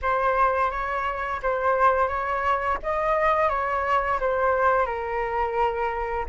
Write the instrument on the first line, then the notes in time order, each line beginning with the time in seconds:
flute
0.02 C5
0.70 C#5
1.42 C5
2.07 C#5
2.83 D#5
3.49 C#5
4.20 C5
4.86 A#4